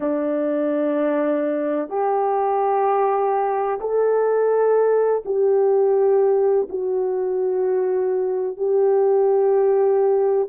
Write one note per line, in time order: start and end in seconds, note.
0.00 1.89 D4
1.89 3.79 G4
3.80 5.23 A4
5.25 6.68 G4
6.69 8.57 F#4
8.57 10.48 G4